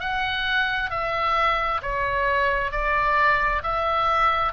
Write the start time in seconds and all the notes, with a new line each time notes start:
0.00 F#5
0.90 E5
1.82 C#5
2.71 D5
3.63 E5